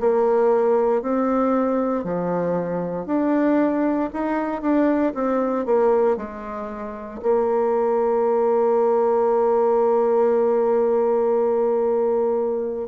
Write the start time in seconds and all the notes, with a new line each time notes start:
0.00 A#3
1.02 C4
2.04 F3
3.06 D4
4.13 D#4
4.62 D4
5.14 C4
5.66 A#3
6.17 G#3
7.23 A#3